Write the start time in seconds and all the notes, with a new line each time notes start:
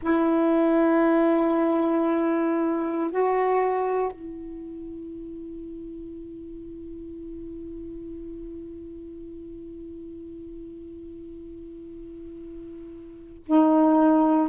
0.02 E4
3.10 F#4
4.11 E4
13.45 D#4